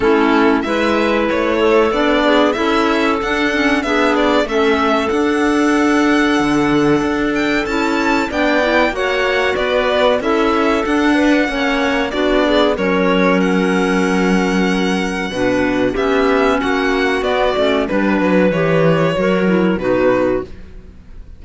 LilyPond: <<
  \new Staff \with { instrumentName = "violin" } { \time 4/4 \tempo 4 = 94 a'4 e''4 cis''4 d''4 | e''4 fis''4 e''8 d''8 e''4 | fis''2.~ fis''8 g''8 | a''4 g''4 fis''4 d''4 |
e''4 fis''2 d''4 | cis''4 fis''2.~ | fis''4 e''4 fis''4 d''4 | b'4 cis''2 b'4 | }
  \new Staff \with { instrumentName = "clarinet" } { \time 4/4 e'4 b'4. a'4 gis'8 | a'2 gis'4 a'4~ | a'1~ | a'4 d''4 cis''4 b'4 |
a'4. b'8 cis''4 fis'8 gis'8 | ais'1 | b'4 g'4 fis'2 | b'2 ais'4 fis'4 | }
  \new Staff \with { instrumentName = "clarinet" } { \time 4/4 cis'4 e'2 d'4 | e'4 d'8 cis'8 d'4 cis'4 | d'1 | e'4 d'8 e'8 fis'2 |
e'4 d'4 cis'4 d'4 | cis'1 | d'4 cis'2 b8 cis'8 | d'4 g'4 fis'8 e'8 dis'4 | }
  \new Staff \with { instrumentName = "cello" } { \time 4/4 a4 gis4 a4 b4 | cis'4 d'4 b4 a4 | d'2 d4 d'4 | cis'4 b4 ais4 b4 |
cis'4 d'4 ais4 b4 | fis1 | b,4 b4 ais4 b8 a8 | g8 fis8 e4 fis4 b,4 | }
>>